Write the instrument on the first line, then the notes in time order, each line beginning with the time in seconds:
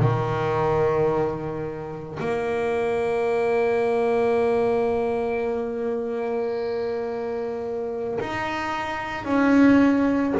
double bass
0.00 D#3
2.19 A#3
8.19 D#4
9.24 C#4